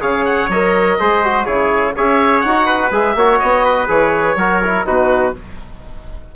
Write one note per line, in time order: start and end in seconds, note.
0.00 0.48 C#3
0.00 0.48 G#4
0.00 0.98 C#5
0.00 0.25 F5
0.25 0.49 F#5
0.48 0.96 F#3
0.48 0.99 A#4
0.48 1.45 D#5
0.99 1.46 G#3
0.99 1.24 G#4
0.99 1.46 C5
1.24 1.47 F#4
1.45 1.95 C#3
1.45 1.95 E4
1.45 1.94 G#4
1.45 1.93 C#5
1.96 2.44 C#4
1.96 2.45 G#4
1.96 2.66 C#5
1.96 2.40 E5
2.40 2.91 D#4
2.40 2.89 F#5
2.47 2.91 F#4
2.66 3.14 B4
2.91 3.15 G#3
2.91 3.16 G#4
2.91 3.39 E5
3.15 3.39 A#3
3.15 3.87 F#4
3.15 3.64 C#5
3.39 3.88 B3
3.39 3.87 D#5
3.64 4.37 B4
3.87 4.35 E3
3.87 4.35 G#4
3.87 4.85 C#5
4.35 4.83 F#3
4.35 4.62 F#4
4.35 4.87 A#4
4.63 4.85 E4
4.85 5.35 B2
4.85 5.33 D#4
4.85 5.35 F#4
4.85 5.34 B4